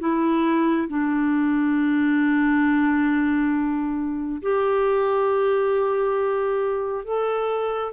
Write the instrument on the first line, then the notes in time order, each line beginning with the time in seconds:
clarinet
0.00 E4
0.89 D4
4.42 G4
7.05 A4